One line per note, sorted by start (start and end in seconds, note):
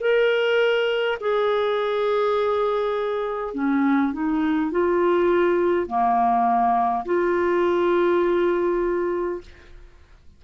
0.00 1.18 A#4
1.21 3.54 G#4
3.54 4.13 C#4
4.13 4.71 D#4
4.71 5.87 F4
5.87 7.04 A#3
7.05 9.41 F4